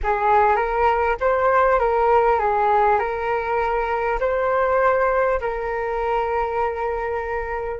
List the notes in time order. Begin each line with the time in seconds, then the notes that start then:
0.03 G#4
0.56 A#4
1.20 C5
1.79 A#4
2.39 G#4
2.99 A#4
4.20 C5
5.40 A#4